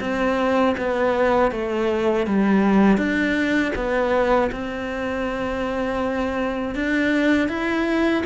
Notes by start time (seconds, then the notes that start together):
0.00 C4
0.77 B3
1.51 A3
2.26 G3
2.97 D4
3.75 B3
4.51 C4
6.75 D4
7.48 E4